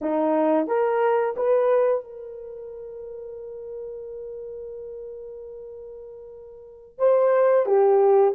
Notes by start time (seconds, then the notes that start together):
0.01 D#4
0.67 A#4
1.36 B4
2.04 A#4
6.98 C5
7.66 G4